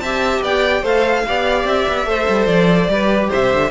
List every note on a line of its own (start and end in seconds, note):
0.00 0.41 C4
0.00 0.84 G4
0.00 0.43 E5
0.00 0.41 A5
0.41 0.83 B3
0.41 0.82 D5
0.41 0.85 G5
0.82 1.24 A3
0.82 1.25 A4
0.82 1.23 C5
0.82 1.67 F5
1.28 1.65 B3
1.28 2.06 G4
1.28 2.08 D5
1.65 1.85 C4
1.65 2.46 E5
1.88 2.06 B3
2.06 2.27 A3
2.06 2.88 A4
2.06 2.91 C5
2.29 2.47 G3
2.46 2.88 F3
2.46 3.29 D5
2.88 3.29 G3
2.88 3.71 G4
2.88 3.30 B4
3.30 3.54 C3
3.30 3.71 C5
3.30 3.71 E5
3.54 3.71 D3